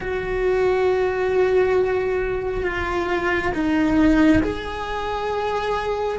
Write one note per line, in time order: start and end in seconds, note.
0.00 2.64 F#4
2.64 3.52 F4
3.54 4.42 D#4
4.42 6.18 G#4